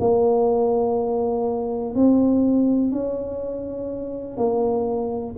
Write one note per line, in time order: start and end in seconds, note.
0.00 1.95 A#3
1.95 2.92 C4
2.92 4.37 C#4
4.37 5.36 A#3